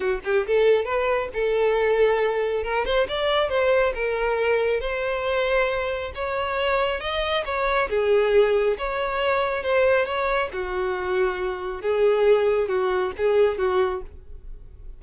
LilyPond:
\new Staff \with { instrumentName = "violin" } { \time 4/4 \tempo 4 = 137 fis'8 g'8 a'4 b'4 a'4~ | a'2 ais'8 c''8 d''4 | c''4 ais'2 c''4~ | c''2 cis''2 |
dis''4 cis''4 gis'2 | cis''2 c''4 cis''4 | fis'2. gis'4~ | gis'4 fis'4 gis'4 fis'4 | }